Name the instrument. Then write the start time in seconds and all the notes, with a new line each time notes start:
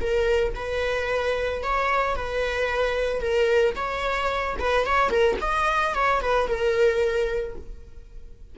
viola
0.00 A#4
0.55 B4
1.63 C#5
2.15 B4
3.20 A#4
3.75 C#5
4.58 B4
4.86 C#5
5.09 A#4
5.41 D#5
5.94 C#5
6.21 B4
6.47 A#4